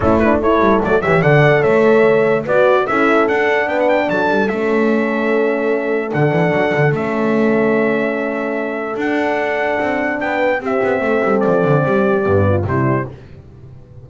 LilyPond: <<
  \new Staff \with { instrumentName = "trumpet" } { \time 4/4 \tempo 4 = 147 a'8 b'8 cis''4 d''8 e''8 fis''4 | e''2 d''4 e''4 | fis''4 g''16 fis''16 g''8 a''4 e''4~ | e''2. fis''4~ |
fis''4 e''2.~ | e''2 fis''2~ | fis''4 g''4 e''2 | d''2. c''4 | }
  \new Staff \with { instrumentName = "horn" } { \time 4/4 e'4 a'4. cis''8 d''4 | cis''2 b'4 a'4~ | a'4 b'4 a'2~ | a'1~ |
a'1~ | a'1~ | a'4 b'4 g'4 a'4~ | a'4 g'4. f'8 e'4 | }
  \new Staff \with { instrumentName = "horn" } { \time 4/4 cis'8 d'8 e'4 a8 g'8 a'4~ | a'2 fis'4 e'4 | d'2. cis'4~ | cis'2. d'4~ |
d'4 cis'2.~ | cis'2 d'2~ | d'2 c'2~ | c'2 b4 g4 | }
  \new Staff \with { instrumentName = "double bass" } { \time 4/4 a4. g8 fis8 e8 d4 | a2 b4 cis'4 | d'4 b4 fis8 g8 a4~ | a2. d8 e8 |
fis8 d8 a2.~ | a2 d'2 | c'4 b4 c'8 b8 a8 g8 | f8 d8 g4 g,4 c4 | }
>>